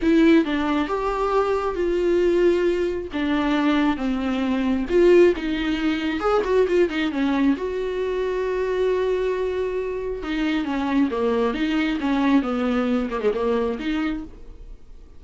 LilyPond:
\new Staff \with { instrumentName = "viola" } { \time 4/4 \tempo 4 = 135 e'4 d'4 g'2 | f'2. d'4~ | d'4 c'2 f'4 | dis'2 gis'8 fis'8 f'8 dis'8 |
cis'4 fis'2.~ | fis'2. dis'4 | cis'4 ais4 dis'4 cis'4 | b4. ais16 gis16 ais4 dis'4 | }